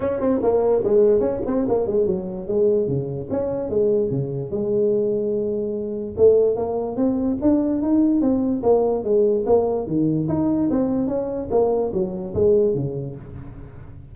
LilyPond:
\new Staff \with { instrumentName = "tuba" } { \time 4/4 \tempo 4 = 146 cis'8 c'8 ais4 gis4 cis'8 c'8 | ais8 gis8 fis4 gis4 cis4 | cis'4 gis4 cis4 gis4~ | gis2. a4 |
ais4 c'4 d'4 dis'4 | c'4 ais4 gis4 ais4 | dis4 dis'4 c'4 cis'4 | ais4 fis4 gis4 cis4 | }